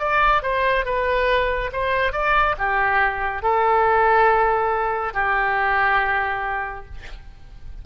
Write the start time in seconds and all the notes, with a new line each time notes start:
0.00 D5
0.43 C5
0.86 B4
1.73 C5
2.13 D5
2.58 G4
3.43 A4
5.14 G4